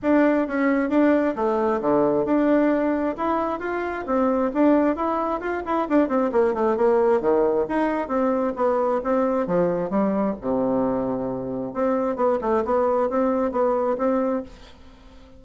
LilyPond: \new Staff \with { instrumentName = "bassoon" } { \time 4/4 \tempo 4 = 133 d'4 cis'4 d'4 a4 | d4 d'2 e'4 | f'4 c'4 d'4 e'4 | f'8 e'8 d'8 c'8 ais8 a8 ais4 |
dis4 dis'4 c'4 b4 | c'4 f4 g4 c4~ | c2 c'4 b8 a8 | b4 c'4 b4 c'4 | }